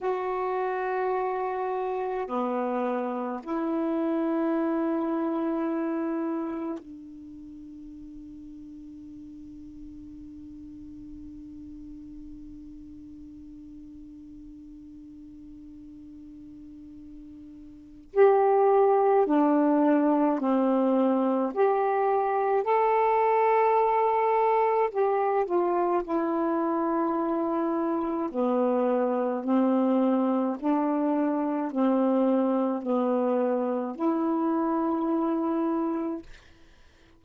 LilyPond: \new Staff \with { instrumentName = "saxophone" } { \time 4/4 \tempo 4 = 53 fis'2 b4 e'4~ | e'2 d'2~ | d'1~ | d'1 |
g'4 d'4 c'4 g'4 | a'2 g'8 f'8 e'4~ | e'4 b4 c'4 d'4 | c'4 b4 e'2 | }